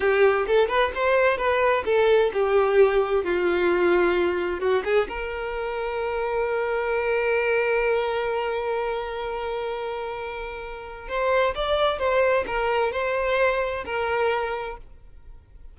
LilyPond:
\new Staff \with { instrumentName = "violin" } { \time 4/4 \tempo 4 = 130 g'4 a'8 b'8 c''4 b'4 | a'4 g'2 f'4~ | f'2 fis'8 gis'8 ais'4~ | ais'1~ |
ais'1~ | ais'1 | c''4 d''4 c''4 ais'4 | c''2 ais'2 | }